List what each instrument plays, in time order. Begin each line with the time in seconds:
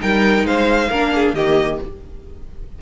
0.00 cello G3, viola D#4, violin A#4 G5
0.44 cello G#3, violin C5 F5
0.89 cello A#3, viola D4, violin A#4
1.14 violin G#4
1.34 cello D#3, viola A#3, violin G4 D#5